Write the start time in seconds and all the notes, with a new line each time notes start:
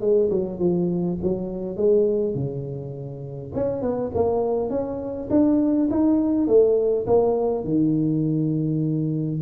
0.00 G#3
0.30 F#3
0.59 F3
1.22 F#3
1.76 G#3
2.34 C#3
3.54 C#4
3.81 B3
4.14 A#3
4.70 C#4
5.30 D4
5.90 D#4
6.47 A3
7.06 A#3
7.64 D#3